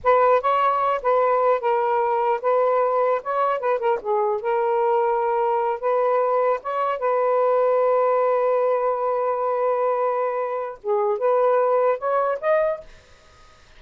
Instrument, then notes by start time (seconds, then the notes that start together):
saxophone
0.03 B4
0.41 C#5
1.02 B4
1.60 A#4
2.41 B4
3.23 C#5
3.59 B4
3.79 A#4
4.01 G#4
4.41 A#4
5.80 B4
6.62 C#5
6.98 B4
10.83 G#4
11.18 B4
11.98 C#5
12.40 D#5